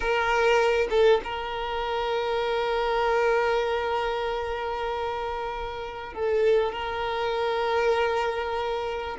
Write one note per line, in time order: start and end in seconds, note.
0.00 0.88 A#4
0.90 1.21 A4
1.24 6.13 A#4
6.13 6.72 A4
6.72 9.17 A#4